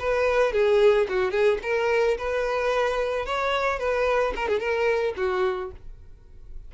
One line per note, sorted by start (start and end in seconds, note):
0.00 0.53 B4
0.53 1.07 G#4
1.10 1.31 F#4
1.31 1.58 G#4
1.63 2.18 A#4
2.18 3.26 B4
3.26 3.79 C#5
3.79 4.34 B4
4.36 4.49 A#4
4.49 4.60 G#4
4.60 5.14 A#4
5.17 5.72 F#4